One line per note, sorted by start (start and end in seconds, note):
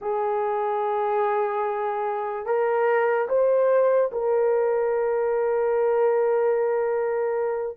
0.01 2.45 G#4
2.45 3.28 A#4
3.29 4.11 C5
4.12 7.77 A#4